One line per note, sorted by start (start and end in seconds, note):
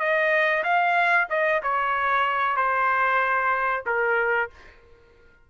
0.00 0.64 D#5
0.64 1.28 F5
1.30 1.62 D#5
1.63 2.57 C#5
2.57 3.84 C5
3.86 4.50 A#4